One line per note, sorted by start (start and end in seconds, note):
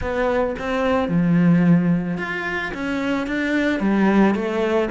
0.01 0.55 B3
0.59 1.08 C4
1.08 2.17 F3
2.17 2.71 F4
2.73 3.26 C#4
3.26 3.80 D4
3.80 4.34 G3
4.34 4.89 A3